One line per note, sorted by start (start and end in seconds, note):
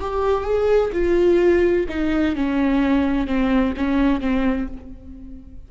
0.00 0.44 G4
0.44 0.91 G#4
0.92 1.86 F4
1.89 2.35 D#4
2.35 3.27 C#4
3.27 3.74 C4
3.76 4.20 C#4
4.20 4.67 C4